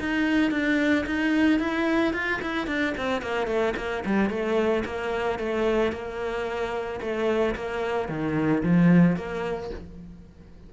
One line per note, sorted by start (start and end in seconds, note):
0.00 0.51 D#4
0.51 1.05 D4
1.07 1.60 D#4
1.60 2.14 E4
2.14 2.41 F4
2.42 2.67 E4
2.67 2.94 D4
2.98 3.22 C4
3.22 3.47 A#3
3.47 3.74 A3
3.77 4.04 A#3
4.06 4.30 G3
4.30 4.84 A3
4.85 5.39 A#3
5.39 5.92 A3
5.92 7.00 A#3
7.01 7.55 A3
7.56 8.09 A#3
8.09 8.63 D#3
8.63 9.17 F3
9.17 9.71 A#3